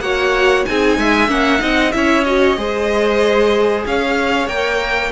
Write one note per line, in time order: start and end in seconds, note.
0.00 0.64 A#3
0.00 0.67 F#4
0.00 0.67 C#5
0.00 0.64 F#5
0.65 0.97 C4
0.65 1.28 D#4
0.65 0.99 G#4
0.65 1.29 G#5
0.97 1.28 G#3
0.97 1.62 E5
1.28 1.60 A#3
1.28 1.59 C#4
1.28 1.92 F#5
1.59 1.94 C4
1.59 1.91 D#4
1.59 1.94 D#5
1.92 2.57 C#4
1.92 2.25 E4
1.92 2.59 C#5
1.92 2.23 E5
2.23 2.57 F#4
2.23 3.83 D#5
2.57 3.85 G#3
2.57 4.47 G#4
2.57 3.86 C5
3.86 4.47 C#4
3.86 5.11 C#5
3.86 4.48 F5
4.47 5.11 A#3
4.47 5.11 A#4
4.47 5.11 G5